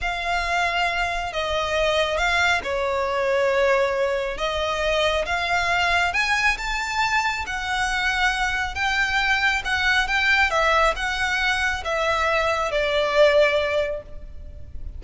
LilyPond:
\new Staff \with { instrumentName = "violin" } { \time 4/4 \tempo 4 = 137 f''2. dis''4~ | dis''4 f''4 cis''2~ | cis''2 dis''2 | f''2 gis''4 a''4~ |
a''4 fis''2. | g''2 fis''4 g''4 | e''4 fis''2 e''4~ | e''4 d''2. | }